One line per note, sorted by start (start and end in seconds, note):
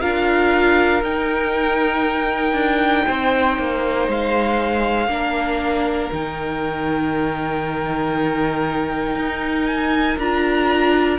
0.00 1.03 D4
0.00 1.02 F4
0.00 3.06 A#4
0.00 1.02 F5
1.03 2.53 D#4
1.03 5.08 D#4
1.03 4.09 G5
2.53 3.03 D4
3.06 3.58 C4
3.06 5.09 C5
3.58 4.08 A#3
4.08 5.07 G#3
4.08 6.12 F5
5.07 6.09 A#3
5.07 6.10 D4
5.07 11.19 A#4
6.12 9.15 D#3
6.12 10.19 D#4
6.12 9.66 G5
9.15 10.17 D#4
9.66 10.17 G#5
10.17 11.19 D4
10.17 11.19 F4
10.17 11.19 A#5